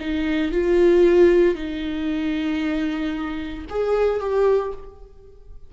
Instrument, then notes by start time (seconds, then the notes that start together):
viola
0.00 D#4
0.52 F4
1.55 D#4
3.70 G#4
4.20 G4